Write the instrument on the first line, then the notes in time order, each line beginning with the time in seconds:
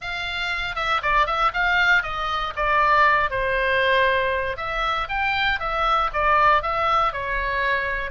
oboe
0.01 F5
0.75 E5
1.02 D5
1.26 E5
1.53 F5
2.02 D#5
2.56 D5
3.30 C5
4.56 E5
5.08 G5
5.59 E5
6.13 D5
6.62 E5
7.12 C#5